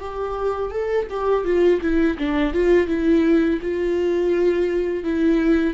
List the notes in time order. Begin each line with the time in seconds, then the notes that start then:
0.00 G4
0.71 A4
1.10 G4
1.45 F4
1.81 E4
2.19 D4
2.54 F4
2.88 E4
3.62 F4
5.04 E4